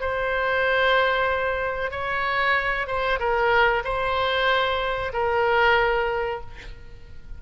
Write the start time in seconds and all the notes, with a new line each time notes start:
0.00 C5
1.91 C#5
2.87 C5
3.19 A#4
3.84 C5
5.13 A#4